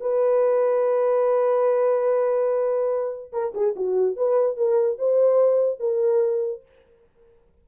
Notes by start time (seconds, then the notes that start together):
0.00 B4
3.32 A#4
3.54 G#4
3.76 F#4
4.16 B4
4.56 A#4
4.98 C5
5.79 A#4